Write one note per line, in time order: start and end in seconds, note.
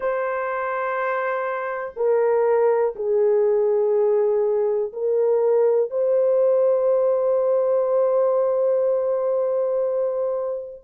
0.00 1.94 C5
1.96 2.95 A#4
2.95 4.92 G#4
4.92 5.90 A#4
5.90 10.82 C5